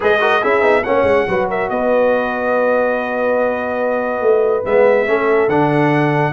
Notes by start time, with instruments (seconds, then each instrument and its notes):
0.00 tuba G#3, trombone G#4, horn B4, trumpet D#5
0.20 trombone F#4, horn A#4
0.41 tuba C#4, trombone E4, horn G#4, trumpet E5
0.61 tuba B3, trombone D#4
0.83 tuba A#3, trombone C#4, horn C#5, trumpet F#5
1.02 tuba G#3
1.27 tuba F#3, trombone F#4, horn B4
1.49 horn A#4, trumpet E5
1.69 tuba B3, horn B4, trumpet D#5
4.21 tuba A3
4.65 tuba G#3, trombone B3, trumpet E5
5.05 tuba A3, trombone C#4, horn A4
5.48 tuba D3, trombone D4, trumpet F#5